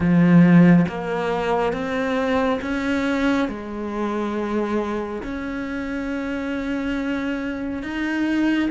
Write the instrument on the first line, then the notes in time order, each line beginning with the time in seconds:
cello
0.00 F3
0.88 A#3
1.72 C4
2.61 C#4
3.48 G#3
5.22 C#4
7.82 D#4